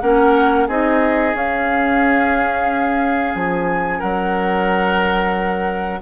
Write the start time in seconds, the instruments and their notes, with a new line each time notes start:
0.00 bassoon A#3, clarinet C#4, oboe A#4, flute F#5
0.67 bassoon C4, clarinet D#4, oboe G#4, flute D#5
1.34 bassoon C#4, clarinet C#4, flute F5
3.34 bassoon F3, flute G#5
3.98 bassoon F#3, oboe A#4, flute F#5